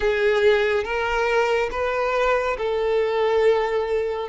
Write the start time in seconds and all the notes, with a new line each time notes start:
0.00 G#4
0.84 A#4
1.71 B4
2.57 A4